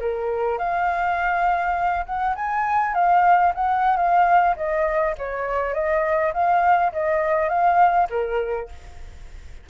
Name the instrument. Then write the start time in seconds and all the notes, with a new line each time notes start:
flute
0.00 A#4
0.59 F5
2.06 F#5
2.36 G#5
2.94 F5
3.55 F#5
3.97 F5
4.56 D#5
5.18 C#5
5.74 D#5
6.34 F5
6.93 D#5
7.49 F5
8.10 A#4